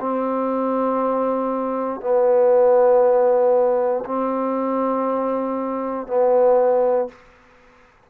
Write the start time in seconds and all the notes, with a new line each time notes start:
0.00 C4
2.01 B3
4.05 C4
6.07 B3